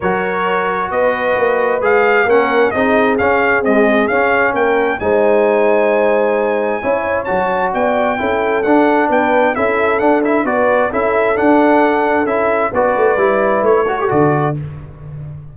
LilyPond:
<<
  \new Staff \with { instrumentName = "trumpet" } { \time 4/4 \tempo 4 = 132 cis''2 dis''2 | f''4 fis''4 dis''4 f''4 | dis''4 f''4 g''4 gis''4~ | gis''1 |
a''4 g''2 fis''4 | g''4 e''4 fis''8 e''8 d''4 | e''4 fis''2 e''4 | d''2 cis''4 d''4 | }
  \new Staff \with { instrumentName = "horn" } { \time 4/4 ais'2 b'2~ | b'4 ais'4 gis'2~ | gis'2 ais'4 c''4~ | c''2. cis''4~ |
cis''4 d''4 a'2 | b'4 a'2 b'4 | a'1 | b'2~ b'8 a'4. | }
  \new Staff \with { instrumentName = "trombone" } { \time 4/4 fis'1 | gis'4 cis'4 dis'4 cis'4 | gis4 cis'2 dis'4~ | dis'2. e'4 |
fis'2 e'4 d'4~ | d'4 e'4 d'8 e'8 fis'4 | e'4 d'2 e'4 | fis'4 e'4. fis'16 g'16 fis'4 | }
  \new Staff \with { instrumentName = "tuba" } { \time 4/4 fis2 b4 ais4 | gis4 ais4 c'4 cis'4 | c'4 cis'4 ais4 gis4~ | gis2. cis'4 |
fis4 b4 cis'4 d'4 | b4 cis'4 d'4 b4 | cis'4 d'2 cis'4 | b8 a8 g4 a4 d4 | }
>>